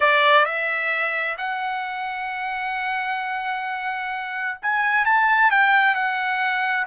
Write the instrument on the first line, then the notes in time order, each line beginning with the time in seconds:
trumpet
0.00 D5
0.45 E5
1.37 F#5
4.62 G#5
5.05 A5
5.50 G5
5.94 F#5